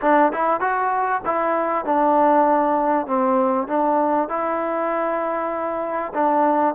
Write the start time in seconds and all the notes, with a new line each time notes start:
0.01 D4
0.32 E4
0.60 F#4
1.25 E4
1.85 D4
3.06 C4
3.67 D4
4.29 E4
6.14 D4